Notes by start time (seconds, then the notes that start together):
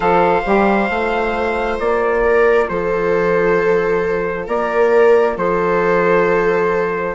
0.00 F3 A4 C5 F5
0.45 G3 G4
0.89 A3 F4
1.79 A#3 D5
2.23 A#4
2.68 F3 A4 C5
4.46 A#3 A#4 D5
5.36 F3 A4 C5